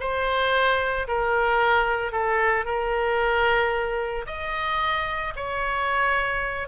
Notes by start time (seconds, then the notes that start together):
0.00 C5
1.08 A#4
2.12 A4
2.65 A#4
4.26 D#5
5.36 C#5